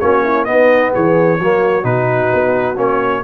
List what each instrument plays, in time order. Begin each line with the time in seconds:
0.00 tuba A#3, trombone C#4, horn F#4, trumpet C#5
0.24 horn E4
0.45 trombone B3, tuba B3, horn D#4, trumpet D#5
0.93 tuba E3, horn G#4, trumpet C#5
1.40 tuba F#3, trombone A#3, horn F#4
1.83 tuba B2, trombone D#4, trumpet B4
2.34 tuba B3
2.77 tuba A#3, trombone C#4, trumpet C#5